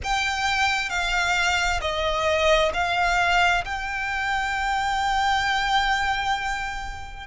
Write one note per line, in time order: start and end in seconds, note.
0.03 0.89 G5
0.89 1.80 F5
1.81 2.71 D#5
2.73 3.64 F5
3.64 7.26 G5